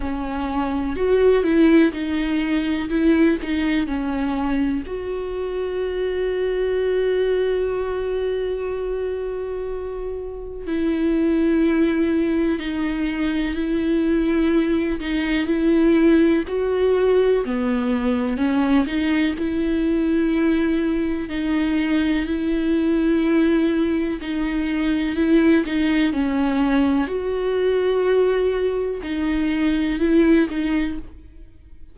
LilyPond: \new Staff \with { instrumentName = "viola" } { \time 4/4 \tempo 4 = 62 cis'4 fis'8 e'8 dis'4 e'8 dis'8 | cis'4 fis'2.~ | fis'2. e'4~ | e'4 dis'4 e'4. dis'8 |
e'4 fis'4 b4 cis'8 dis'8 | e'2 dis'4 e'4~ | e'4 dis'4 e'8 dis'8 cis'4 | fis'2 dis'4 e'8 dis'8 | }